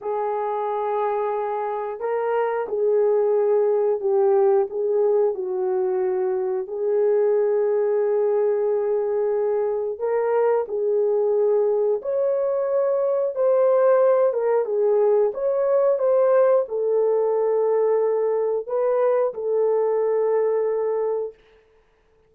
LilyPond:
\new Staff \with { instrumentName = "horn" } { \time 4/4 \tempo 4 = 90 gis'2. ais'4 | gis'2 g'4 gis'4 | fis'2 gis'2~ | gis'2. ais'4 |
gis'2 cis''2 | c''4. ais'8 gis'4 cis''4 | c''4 a'2. | b'4 a'2. | }